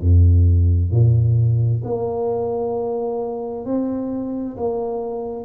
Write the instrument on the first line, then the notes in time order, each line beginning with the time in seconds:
tuba
0.00 F2
0.91 A#2
1.84 A#3
3.65 C4
4.57 A#3